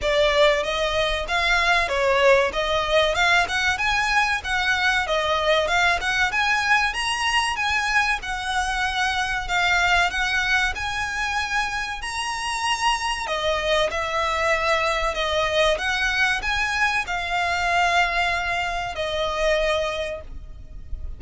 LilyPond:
\new Staff \with { instrumentName = "violin" } { \time 4/4 \tempo 4 = 95 d''4 dis''4 f''4 cis''4 | dis''4 f''8 fis''8 gis''4 fis''4 | dis''4 f''8 fis''8 gis''4 ais''4 | gis''4 fis''2 f''4 |
fis''4 gis''2 ais''4~ | ais''4 dis''4 e''2 | dis''4 fis''4 gis''4 f''4~ | f''2 dis''2 | }